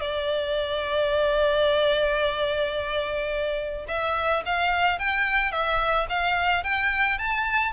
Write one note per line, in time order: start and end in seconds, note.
0.00 3.85 D5
3.88 4.43 E5
4.45 4.99 F5
4.99 5.51 G5
5.51 6.07 E5
6.09 6.63 F5
6.63 7.18 G5
7.18 7.72 A5